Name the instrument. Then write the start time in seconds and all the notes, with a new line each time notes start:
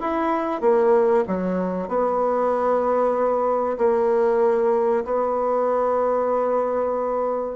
bassoon
0.00 E4
0.61 A#3
1.27 F#3
1.88 B3
3.78 A#3
5.05 B3